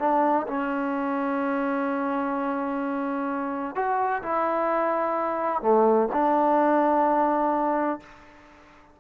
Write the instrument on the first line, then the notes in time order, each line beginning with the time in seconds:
trombone
0.00 D4
0.48 C#4
3.76 F#4
4.23 E4
5.62 A3
6.13 D4